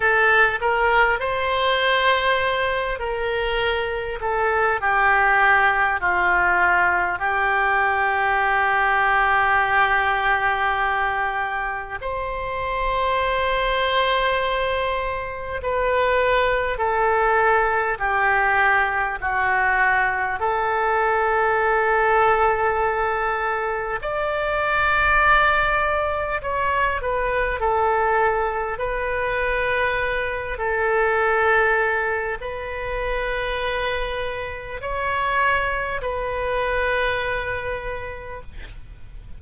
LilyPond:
\new Staff \with { instrumentName = "oboe" } { \time 4/4 \tempo 4 = 50 a'8 ais'8 c''4. ais'4 a'8 | g'4 f'4 g'2~ | g'2 c''2~ | c''4 b'4 a'4 g'4 |
fis'4 a'2. | d''2 cis''8 b'8 a'4 | b'4. a'4. b'4~ | b'4 cis''4 b'2 | }